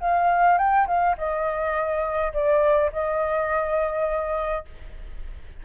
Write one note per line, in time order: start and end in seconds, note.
0.00 0.58 F5
0.58 0.87 G5
0.87 1.16 F5
1.17 2.33 D#5
2.33 2.91 D5
2.92 4.65 D#5